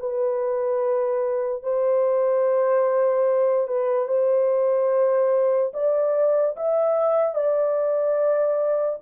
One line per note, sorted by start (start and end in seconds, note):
0.00 1.63 B4
1.63 3.68 C5
3.68 4.08 B4
4.08 5.73 C5
5.74 6.56 D5
6.57 7.35 E5
7.35 9.00 D5